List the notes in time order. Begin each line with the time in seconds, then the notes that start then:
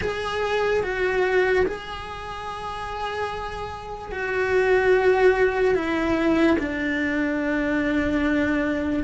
0.01 G#4
0.83 F#4
1.66 G#4
4.11 F#4
5.74 E4
6.58 D4